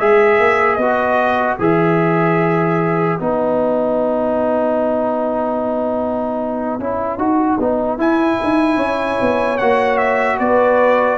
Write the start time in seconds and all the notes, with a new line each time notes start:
0.00 G#3 G#4 B4 E5
0.40 A#3
0.76 B3 F#4 D#5
1.59 E3 G#4 E5
3.20 B3 D#4 F#5
6.80 C#4 E4
7.18 D#4 F#4
7.60 B3 D#4
7.98 E4 G#5
8.44 D#4
8.77 C#4 C#5
9.21 B3
9.58 A#3 F#4 F#5
9.98 E5
10.39 B3 B4 D5